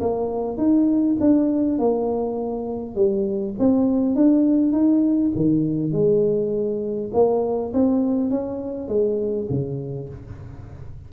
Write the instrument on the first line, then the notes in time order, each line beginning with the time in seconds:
tuba
0.00 A#3
0.58 D#4
1.20 D4
1.78 A#3
2.95 G3
3.59 C4
4.15 D4
4.72 D#4
5.36 D#3
5.92 G#3
7.13 A#3
7.73 C4
8.30 C#4
8.88 G#3
9.50 C#3